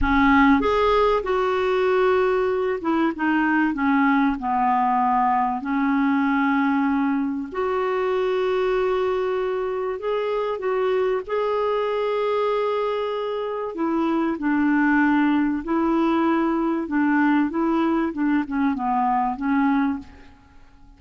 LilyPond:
\new Staff \with { instrumentName = "clarinet" } { \time 4/4 \tempo 4 = 96 cis'4 gis'4 fis'2~ | fis'8 e'8 dis'4 cis'4 b4~ | b4 cis'2. | fis'1 |
gis'4 fis'4 gis'2~ | gis'2 e'4 d'4~ | d'4 e'2 d'4 | e'4 d'8 cis'8 b4 cis'4 | }